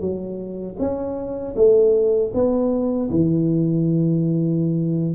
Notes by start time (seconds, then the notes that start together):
0.00 F#3
0.79 C#4
1.56 A3
2.34 B3
3.10 E3